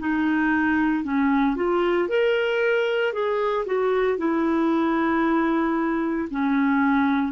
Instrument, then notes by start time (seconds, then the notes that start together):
clarinet
0.00 D#4
1.04 C#4
1.56 F4
2.09 A#4
3.13 G#4
3.67 F#4
4.18 E4
6.31 C#4